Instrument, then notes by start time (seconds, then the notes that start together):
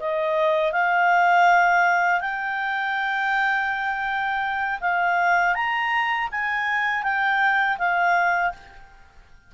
clarinet
0.00 D#5
0.73 F5
2.21 G5
4.81 F5
5.55 A#5
6.32 G#5
7.04 G5
7.78 F5